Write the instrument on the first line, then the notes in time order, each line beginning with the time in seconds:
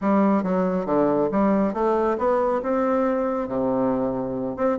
bassoon
0.01 G3
0.43 F#3
0.85 D3
1.31 G3
1.73 A3
2.18 B3
2.62 C4
3.48 C3
4.56 C4